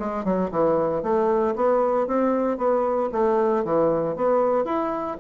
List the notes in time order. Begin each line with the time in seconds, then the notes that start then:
0.00 G#3
0.25 F#3
0.51 E3
1.03 A3
1.56 B3
2.07 C4
2.58 B3
3.12 A3
3.65 E3
4.16 B3
4.65 E4